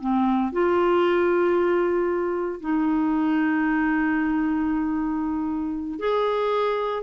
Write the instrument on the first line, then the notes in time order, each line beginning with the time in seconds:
clarinet
0.00 C4
0.52 F4
2.60 D#4
5.99 G#4